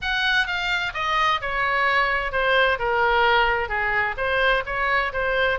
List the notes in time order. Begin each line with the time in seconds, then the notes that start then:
0.01 F#5
0.46 F5
0.94 D#5
1.41 C#5
2.32 C5
2.78 A#4
3.68 G#4
4.17 C5
4.66 C#5
5.12 C5